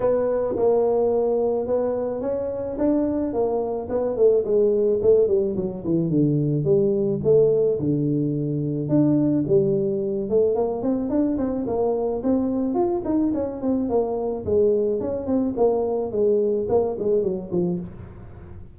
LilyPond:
\new Staff \with { instrumentName = "tuba" } { \time 4/4 \tempo 4 = 108 b4 ais2 b4 | cis'4 d'4 ais4 b8 a8 | gis4 a8 g8 fis8 e8 d4 | g4 a4 d2 |
d'4 g4. a8 ais8 c'8 | d'8 c'8 ais4 c'4 f'8 dis'8 | cis'8 c'8 ais4 gis4 cis'8 c'8 | ais4 gis4 ais8 gis8 fis8 f8 | }